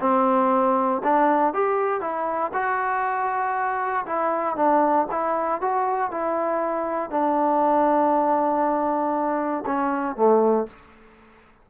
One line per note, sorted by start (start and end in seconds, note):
0.00 1.02 C4
1.04 1.53 D4
1.53 2.01 G4
2.01 2.51 E4
2.53 4.05 F#4
4.06 4.56 E4
4.56 5.07 D4
5.11 5.61 E4
5.61 6.11 F#4
6.11 7.10 E4
7.10 9.64 D4
9.66 10.16 C#4
10.16 10.67 A3